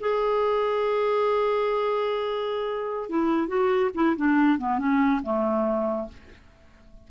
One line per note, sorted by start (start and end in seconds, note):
0.00 3.09 G#4
3.09 3.48 E4
3.48 3.90 F#4
3.94 4.16 E4
4.16 4.58 D4
4.58 4.78 B3
4.78 5.21 C#4
5.22 6.08 A3